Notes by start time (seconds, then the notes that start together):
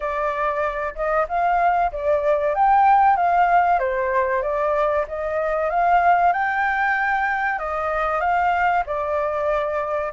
0.00 D5
0.95 D#5
1.28 F5
1.91 D5
2.54 G5
3.16 F5
3.79 C5
4.42 D5
5.08 D#5
5.70 F5
6.32 G5
7.58 D#5
8.20 F5
8.86 D5